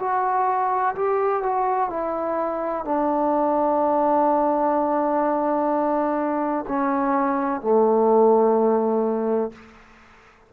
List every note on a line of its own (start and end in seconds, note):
0.00 0.95 F#4
0.96 1.43 G4
1.43 1.90 F#4
1.90 2.85 E4
2.85 6.66 D4
6.68 7.62 C#4
7.62 9.52 A3